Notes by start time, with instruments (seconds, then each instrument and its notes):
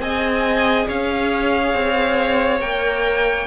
0.00 cello C4, viola G#4, violin D#5 G#5
0.88 cello C#4, violin C#5 F5
1.74 cello C4
2.61 cello A#3, viola A#4, violin G5